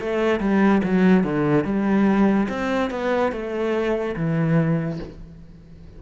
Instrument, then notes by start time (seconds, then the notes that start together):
cello
0.00 A3
0.40 G3
0.84 F#3
1.24 D3
1.64 G3
2.49 C4
2.91 B3
3.32 A3
4.16 E3